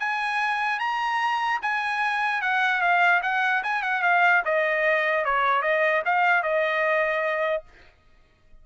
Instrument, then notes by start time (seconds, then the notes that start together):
trumpet
0.00 G#5
0.80 A#5
1.62 G#5
2.42 F#5
2.82 F5
3.23 F#5
3.64 G#5
3.83 F#5
4.03 F5
4.45 D#5
5.26 C#5
5.63 D#5
6.06 F5
6.43 D#5